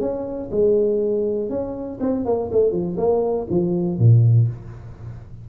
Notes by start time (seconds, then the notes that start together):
0.00 C#4
0.51 G#3
1.49 C#4
2.00 C4
2.25 A#3
2.51 A3
2.71 F3
2.97 A#3
3.49 F3
3.98 A#2